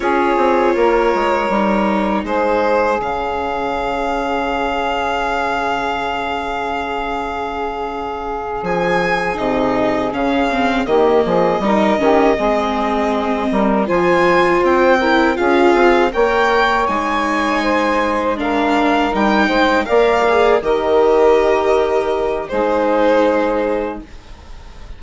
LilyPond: <<
  \new Staff \with { instrumentName = "violin" } { \time 4/4 \tempo 4 = 80 cis''2. c''4 | f''1~ | f''2.~ f''8 gis''8~ | gis''8 dis''4 f''4 dis''4.~ |
dis''2~ dis''8 gis''4 g''8~ | g''8 f''4 g''4 gis''4.~ | gis''8 f''4 g''4 f''4 dis''8~ | dis''2 c''2 | }
  \new Staff \with { instrumentName = "saxophone" } { \time 4/4 gis'4 ais'2 gis'4~ | gis'1~ | gis'1~ | gis'2~ gis'8 g'8 gis'8 ais'8 |
g'8 gis'4. ais'8 c''4. | ais'8 gis'4 cis''2 c''8~ | c''8 ais'4. c''8 d''4 ais'8~ | ais'2 gis'2 | }
  \new Staff \with { instrumentName = "viola" } { \time 4/4 f'2 dis'2 | cis'1~ | cis'1~ | cis'8 dis'4 cis'8 c'8 ais4 dis'8 |
cis'8 c'2 f'4. | e'8 f'4 ais'4 dis'4.~ | dis'8 d'4 dis'4 ais'8 gis'8 g'8~ | g'2 dis'2 | }
  \new Staff \with { instrumentName = "bassoon" } { \time 4/4 cis'8 c'8 ais8 gis8 g4 gis4 | cis1~ | cis2.~ cis8 f8~ | f8 c4 cis4 dis8 f8 g8 |
dis8 gis4. g8 f4 c'8~ | c'8 cis'8 c'8 ais4 gis4.~ | gis4. g8 gis8 ais4 dis8~ | dis2 gis2 | }
>>